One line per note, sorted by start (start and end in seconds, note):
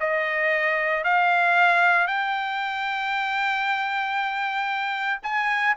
0.00 1.04 D#5
1.04 2.07 F5
2.07 5.20 G5
5.23 5.75 G#5